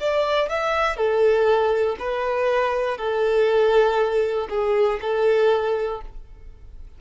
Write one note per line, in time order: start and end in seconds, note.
0.00 0.49 D5
0.49 0.96 E5
0.96 1.96 A4
1.99 2.98 B4
2.98 4.48 A4
4.50 5.00 G#4
5.01 6.01 A4